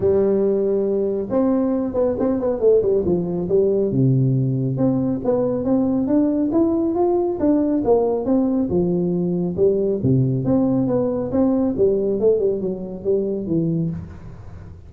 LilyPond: \new Staff \with { instrumentName = "tuba" } { \time 4/4 \tempo 4 = 138 g2. c'4~ | c'8 b8 c'8 b8 a8 g8 f4 | g4 c2 c'4 | b4 c'4 d'4 e'4 |
f'4 d'4 ais4 c'4 | f2 g4 c4 | c'4 b4 c'4 g4 | a8 g8 fis4 g4 e4 | }